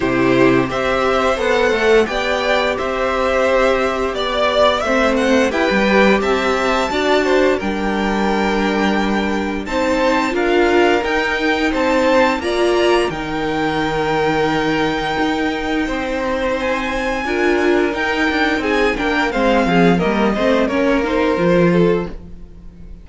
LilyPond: <<
  \new Staff \with { instrumentName = "violin" } { \time 4/4 \tempo 4 = 87 c''4 e''4 fis''4 g''4 | e''2 d''4 e''8 fis''8 | g''4 a''2 g''4~ | g''2 a''4 f''4 |
g''4 a''4 ais''4 g''4~ | g''1 | gis''2 g''4 gis''8 g''8 | f''4 dis''4 cis''8 c''4. | }
  \new Staff \with { instrumentName = "violin" } { \time 4/4 g'4 c''2 d''4 | c''2 d''4 c''4 | b'4 e''4 d''8 c''8 ais'4~ | ais'2 c''4 ais'4~ |
ais'4 c''4 d''4 ais'4~ | ais'2. c''4~ | c''4 ais'2 gis'8 ais'8 | c''8 gis'8 ais'8 c''8 ais'4. a'8 | }
  \new Staff \with { instrumentName = "viola" } { \time 4/4 e'4 g'4 a'4 g'4~ | g'2. c'4 | g'2 fis'4 d'4~ | d'2 dis'4 f'4 |
dis'2 f'4 dis'4~ | dis'1~ | dis'4 f'4 dis'4. d'8 | c'4 ais8 c'8 cis'8 dis'8 f'4 | }
  \new Staff \with { instrumentName = "cello" } { \time 4/4 c4 c'4 b8 a8 b4 | c'2 b4 a4 | e'16 g8. c'4 d'4 g4~ | g2 c'4 d'4 |
dis'4 c'4 ais4 dis4~ | dis2 dis'4 c'4~ | c'4 d'4 dis'8 d'8 c'8 ais8 | gis8 f8 g8 a8 ais4 f4 | }
>>